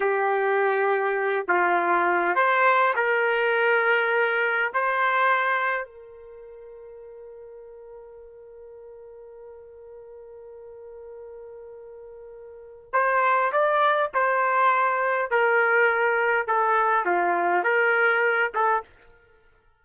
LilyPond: \new Staff \with { instrumentName = "trumpet" } { \time 4/4 \tempo 4 = 102 g'2~ g'8 f'4. | c''4 ais'2. | c''2 ais'2~ | ais'1~ |
ais'1~ | ais'2 c''4 d''4 | c''2 ais'2 | a'4 f'4 ais'4. a'8 | }